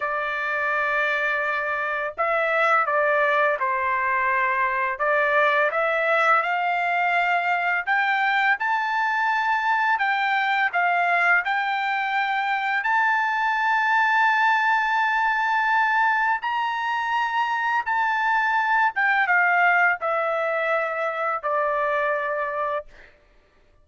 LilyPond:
\new Staff \with { instrumentName = "trumpet" } { \time 4/4 \tempo 4 = 84 d''2. e''4 | d''4 c''2 d''4 | e''4 f''2 g''4 | a''2 g''4 f''4 |
g''2 a''2~ | a''2. ais''4~ | ais''4 a''4. g''8 f''4 | e''2 d''2 | }